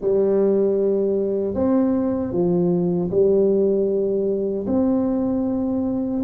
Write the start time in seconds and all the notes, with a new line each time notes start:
0.01 G3
1.54 C4
2.32 F3
3.10 G3
4.66 C4